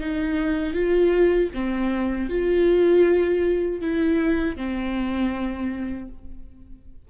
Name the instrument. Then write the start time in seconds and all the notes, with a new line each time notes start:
viola
0.00 D#4
0.73 F4
1.54 C4
2.29 F4
3.81 E4
4.56 C4